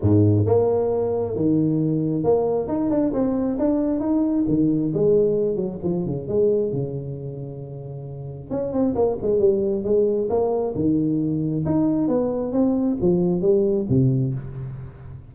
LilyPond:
\new Staff \with { instrumentName = "tuba" } { \time 4/4 \tempo 4 = 134 gis,4 ais2 dis4~ | dis4 ais4 dis'8 d'8 c'4 | d'4 dis'4 dis4 gis4~ | gis8 fis8 f8 cis8 gis4 cis4~ |
cis2. cis'8 c'8 | ais8 gis8 g4 gis4 ais4 | dis2 dis'4 b4 | c'4 f4 g4 c4 | }